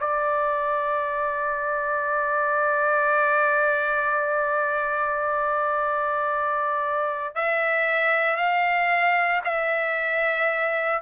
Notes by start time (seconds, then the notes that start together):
0.00 D5
7.35 E5
8.36 F5
9.44 E5